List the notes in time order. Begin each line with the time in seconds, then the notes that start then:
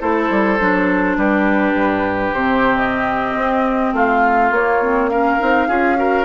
0.00 A3 E4 A4 C5
0.30 G3
0.60 F#3 D4
1.17 G3 G4 B4
1.74 G2
2.33 C3 C4 C5
2.76 D#5
3.36 C4
3.93 A3 F4 F5
4.50 A#3 C#5
4.82 C4
5.09 C#4 A#4 F5
5.39 C4 D#4
5.68 C#4 F4 G#4
5.96 F#4 A#4